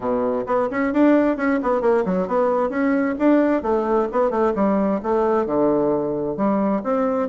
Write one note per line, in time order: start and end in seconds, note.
0.00 0.44 B2
0.46 0.69 B3
0.70 0.93 C#4
0.93 1.37 D4
1.37 1.59 C#4
1.62 1.81 B3
1.81 2.04 A#3
2.05 2.27 F#3
2.27 2.69 B3
2.69 3.15 C#4
3.18 3.62 D4
3.62 4.08 A3
4.12 4.30 B3
4.30 4.52 A3
4.55 5.00 G3
5.02 5.45 A3
5.45 6.36 D3
6.36 6.82 G3
6.83 7.28 C4